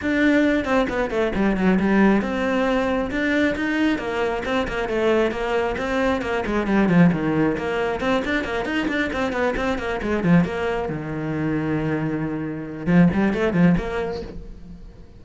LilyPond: \new Staff \with { instrumentName = "cello" } { \time 4/4 \tempo 4 = 135 d'4. c'8 b8 a8 g8 fis8 | g4 c'2 d'4 | dis'4 ais4 c'8 ais8 a4 | ais4 c'4 ais8 gis8 g8 f8 |
dis4 ais4 c'8 d'8 ais8 dis'8 | d'8 c'8 b8 c'8 ais8 gis8 f8 ais8~ | ais8 dis2.~ dis8~ | dis4 f8 g8 a8 f8 ais4 | }